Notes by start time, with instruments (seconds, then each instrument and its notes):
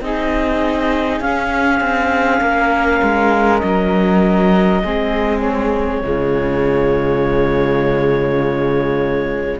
0.00 cello C4, viola D#4, flute G#4, clarinet D#5
1.20 cello C#4, viola C#4, clarinet F5
1.80 cello C4
2.41 cello A#3, flute A#4
3.02 cello G#3
3.58 cello F#3, clarinet D#5
4.83 cello G#3, viola C4, flute G#4
5.40 clarinet C#5
6.00 cello C#3, viola G#3, flute F4